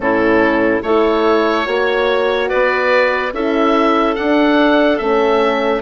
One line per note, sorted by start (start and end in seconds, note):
0.00 0.82 A2
0.00 0.83 C#4
0.00 0.84 E4
0.00 0.82 A4
0.82 1.66 A3
0.82 1.65 E4
0.82 1.66 A4
0.82 2.49 C#5
1.65 2.50 A#3
1.65 3.32 F#4
1.65 2.48 C#5
2.48 3.32 B3
2.48 3.32 B4
2.48 3.32 D5
3.32 4.16 C#4
3.32 4.16 E4
3.32 5.82 A4
3.32 4.15 E5
4.15 4.98 D4
4.15 5.00 D4
4.15 4.98 F#5
4.98 5.82 A3
4.98 5.82 C#4
4.98 5.81 E5